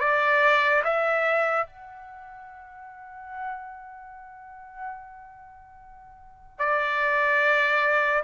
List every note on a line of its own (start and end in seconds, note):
0.00 0.82 D5
0.84 1.66 E5
1.66 6.59 F#5
6.59 8.23 D5